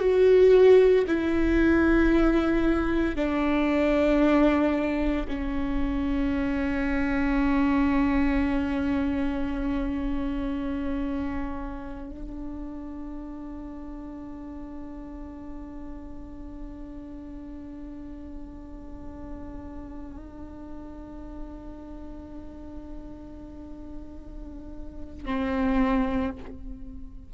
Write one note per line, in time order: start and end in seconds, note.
0.00 1.05 F#4
1.07 3.16 E4
3.16 5.26 D4
5.28 12.11 C#4
12.11 25.25 D4
25.25 26.31 C4